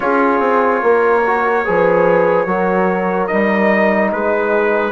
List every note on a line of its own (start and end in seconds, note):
0.00 0.39 C#4
0.00 1.22 F4
0.00 0.83 G#4
0.00 3.27 C#5
0.39 0.80 C4
0.83 1.65 A#3
0.83 1.65 A#4
1.26 1.64 F#4
1.64 2.46 F3
1.64 2.46 G#4
1.64 2.47 B4
2.46 3.28 F#3
2.46 3.28 F#4
2.46 4.11 A#4
3.27 4.12 G3
3.27 4.91 D#4
3.27 4.09 D#5
4.12 4.91 G#3
4.12 4.91 G#4
4.12 4.91 B4